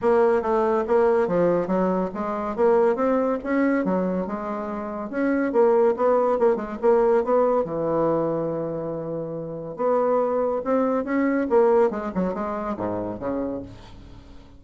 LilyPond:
\new Staff \with { instrumentName = "bassoon" } { \time 4/4 \tempo 4 = 141 ais4 a4 ais4 f4 | fis4 gis4 ais4 c'4 | cis'4 fis4 gis2 | cis'4 ais4 b4 ais8 gis8 |
ais4 b4 e2~ | e2. b4~ | b4 c'4 cis'4 ais4 | gis8 fis8 gis4 gis,4 cis4 | }